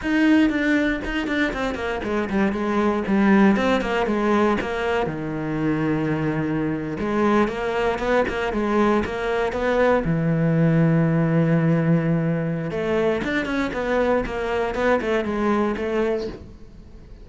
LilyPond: \new Staff \with { instrumentName = "cello" } { \time 4/4 \tempo 4 = 118 dis'4 d'4 dis'8 d'8 c'8 ais8 | gis8 g8 gis4 g4 c'8 ais8 | gis4 ais4 dis2~ | dis4.~ dis16 gis4 ais4 b16~ |
b16 ais8 gis4 ais4 b4 e16~ | e1~ | e4 a4 d'8 cis'8 b4 | ais4 b8 a8 gis4 a4 | }